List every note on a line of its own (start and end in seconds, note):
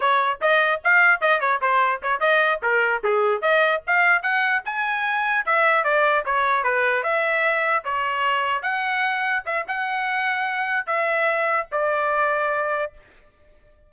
0.00 0.40 C#5
0.41 0.81 D#5
0.83 1.20 F5
1.20 1.40 D#5
1.40 1.60 C#5
1.61 2.01 C5
2.02 2.20 C#5
2.20 2.60 D#5
2.62 3.02 A#4
3.03 3.41 G#4
3.41 3.81 D#5
3.86 4.22 F5
4.22 4.62 F#5
4.65 5.45 G#5
5.45 5.84 E5
5.84 6.24 D5
6.25 6.63 C#5
6.63 7.03 B4
7.03 7.83 E5
7.84 8.62 C#5
8.62 9.43 F#5
9.45 9.66 E5
9.67 10.86 F#5
10.86 11.67 E5
11.71 12.92 D5